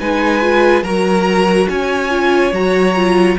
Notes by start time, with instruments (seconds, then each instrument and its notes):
0.00 cello G#3, viola D#4, violin B4 G#5
0.42 viola F4
0.83 cello F#3, viola F#4, violin A#4 A#5
1.69 cello C#4, violin C#5 G#5
2.10 viola F4
2.53 cello F#3, viola F#4, violin A#5
2.96 viola F4